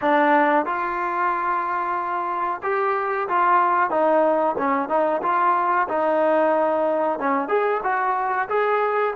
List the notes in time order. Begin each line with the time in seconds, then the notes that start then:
0.01 D4
0.65 F4
2.62 G4
3.28 F4
3.90 D#4
4.58 C#4
4.89 D#4
5.22 F4
5.88 D#4
7.19 C#4
7.48 G#4
7.83 F#4
8.48 G#4